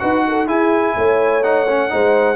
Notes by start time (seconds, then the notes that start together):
0.00 D#4 F#4 B4 F#5
0.28 A4
0.47 E4 G#4 G#5
0.97 A3 C#5
1.44 D#4 F#5
1.69 C#4
1.90 G#3 D#4 C5